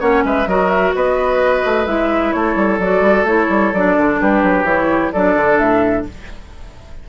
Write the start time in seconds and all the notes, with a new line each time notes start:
0.00 A#3 C#4 C#5 F#5
0.25 G#3 B4 E5
0.46 F#3 F#4 A#4 D#5
0.70 E5
0.95 B3 B4 D#5
1.65 A3
1.86 G#3 E4 E5
2.32 A3 A4 C#5
2.56 G3
2.79 F#3 F#4 D5
3.01 G3
3.24 A3 E4 C#5
3.49 G3
3.73 F#3 D4 D5
3.98 D3
4.21 G3 G4 B4
4.43 F#3
4.63 E3 E4 C#5
5.12 F#3 D4 A4 D5
5.36 D3
5.59 A2 E5